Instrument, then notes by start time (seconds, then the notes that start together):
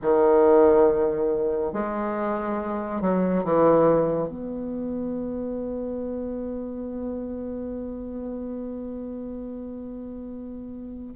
bassoon
0.02 D#3
1.73 G#3
3.01 F#3
3.44 E3
4.28 B3